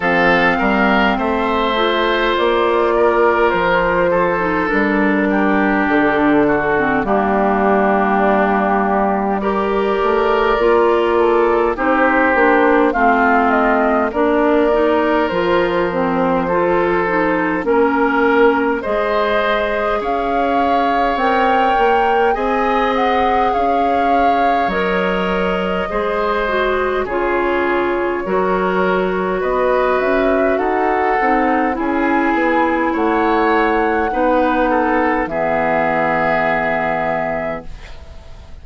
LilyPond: <<
  \new Staff \with { instrumentName = "flute" } { \time 4/4 \tempo 4 = 51 f''4 e''4 d''4 c''4 | ais'4 a'4 g'2 | d''2 c''4 f''8 dis''8 | d''4 c''2 ais'4 |
dis''4 f''4 g''4 gis''8 fis''8 | f''4 dis''2 cis''4~ | cis''4 dis''8 e''8 fis''4 gis''4 | fis''2 e''2 | }
  \new Staff \with { instrumentName = "oboe" } { \time 4/4 a'8 ais'8 c''4. ais'4 a'8~ | a'8 g'4 fis'8 d'2 | ais'4. a'8 g'4 f'4 | ais'2 a'4 ais'4 |
c''4 cis''2 dis''4 | cis''2 c''4 gis'4 | ais'4 b'4 a'4 gis'4 | cis''4 b'8 a'8 gis'2 | }
  \new Staff \with { instrumentName = "clarinet" } { \time 4/4 c'4. f'2~ f'16 dis'16 | d'4.~ d'16 c'16 ais2 | g'4 f'4 dis'8 d'8 c'4 | d'8 dis'8 f'8 c'8 f'8 dis'8 cis'4 |
gis'2 ais'4 gis'4~ | gis'4 ais'4 gis'8 fis'8 f'4 | fis'2~ fis'8 dis'8 e'4~ | e'4 dis'4 b2 | }
  \new Staff \with { instrumentName = "bassoon" } { \time 4/4 f8 g8 a4 ais4 f4 | g4 d4 g2~ | g8 a8 ais4 c'8 ais8 a4 | ais4 f2 ais4 |
gis4 cis'4 c'8 ais8 c'4 | cis'4 fis4 gis4 cis4 | fis4 b8 cis'8 dis'8 c'8 cis'8 b8 | a4 b4 e2 | }
>>